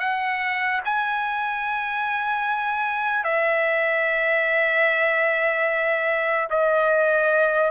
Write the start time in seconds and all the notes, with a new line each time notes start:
0.00 F#5
0.85 G#5
3.25 E5
6.50 D#5